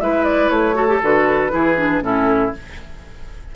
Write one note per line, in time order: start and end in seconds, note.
0.00 0.50 G#3
0.00 0.74 E4
0.00 0.76 B4
0.00 0.24 E5
0.24 0.49 D5
0.49 1.00 A3
0.49 1.00 C#5
0.74 0.87 F#4
0.74 1.51 A4
0.88 1.00 G4
1.02 1.52 D3
1.02 1.50 F#4
1.02 2.03 B4
1.50 2.01 E3
1.50 1.75 E4
1.50 2.03 G#4
1.77 2.01 D4
2.01 2.52 A2
2.01 2.52 C#4
2.01 2.55 E4
2.01 2.53 A4